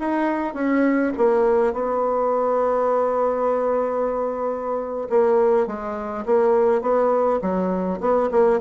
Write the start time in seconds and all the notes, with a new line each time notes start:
0.00 D#4
0.55 C#4
1.18 A#3
1.74 B3
5.10 A#3
5.67 G#3
6.26 A#3
6.82 B3
7.42 F#3
8.01 B3
8.31 A#3